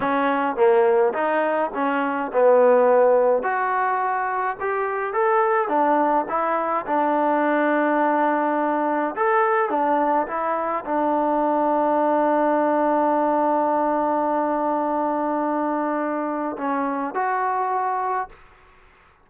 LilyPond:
\new Staff \with { instrumentName = "trombone" } { \time 4/4 \tempo 4 = 105 cis'4 ais4 dis'4 cis'4 | b2 fis'2 | g'4 a'4 d'4 e'4 | d'1 |
a'4 d'4 e'4 d'4~ | d'1~ | d'1~ | d'4 cis'4 fis'2 | }